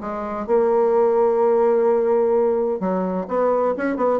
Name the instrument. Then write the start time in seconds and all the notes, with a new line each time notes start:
bassoon
0.00 G#3
0.46 A#3
2.80 F#3
3.27 B3
3.77 C#4
3.96 B3